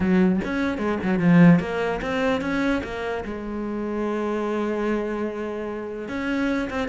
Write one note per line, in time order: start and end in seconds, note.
0.00 0.40 F#3
0.44 0.78 C#4
0.78 0.98 G#3
1.03 1.19 F#3
1.19 1.59 F3
1.59 2.00 A#3
2.01 2.41 C4
2.41 2.82 C#4
2.83 3.24 A#3
3.24 6.08 G#3
6.08 6.69 C#4
6.70 6.88 C4